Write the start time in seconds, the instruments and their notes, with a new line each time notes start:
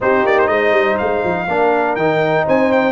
0.00 tuba C4, trombone D#4, horn G4, trumpet C5
0.24 tuba A#3, trumpet D5
0.39 trumpet C5
0.47 tuba G#3, horn C5, trumpet D#5
0.71 tuba G3
0.98 tuba G#3, trumpet F5
1.24 tuba F3
1.48 tuba A#3, trombone D4, horn A#4
1.95 tuba D#3, trombone D#4, trumpet G5
2.44 tuba C4, horn C5, trumpet G#5
2.72 trumpet G5